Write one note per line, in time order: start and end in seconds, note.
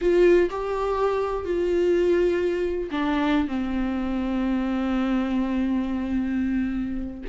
0.01 0.49 F4
0.50 1.44 G4
1.44 2.89 F4
2.91 3.47 D4
3.47 7.22 C4